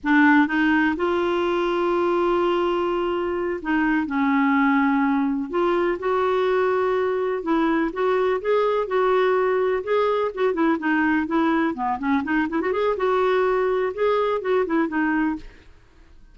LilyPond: \new Staff \with { instrumentName = "clarinet" } { \time 4/4 \tempo 4 = 125 d'4 dis'4 f'2~ | f'2.~ f'8 dis'8~ | dis'8 cis'2. f'8~ | f'8 fis'2. e'8~ |
e'8 fis'4 gis'4 fis'4.~ | fis'8 gis'4 fis'8 e'8 dis'4 e'8~ | e'8 b8 cis'8 dis'8 e'16 fis'16 gis'8 fis'4~ | fis'4 gis'4 fis'8 e'8 dis'4 | }